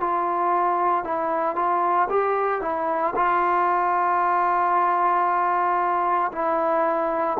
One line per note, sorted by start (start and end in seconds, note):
0.00 1.04 F4
1.04 1.55 E4
1.55 2.08 F4
2.09 2.61 G4
2.61 3.13 E4
3.15 6.31 F4
6.32 7.37 E4